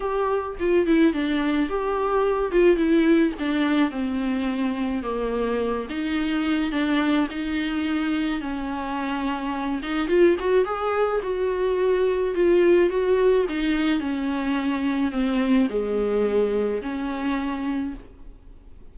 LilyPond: \new Staff \with { instrumentName = "viola" } { \time 4/4 \tempo 4 = 107 g'4 f'8 e'8 d'4 g'4~ | g'8 f'8 e'4 d'4 c'4~ | c'4 ais4. dis'4. | d'4 dis'2 cis'4~ |
cis'4. dis'8 f'8 fis'8 gis'4 | fis'2 f'4 fis'4 | dis'4 cis'2 c'4 | gis2 cis'2 | }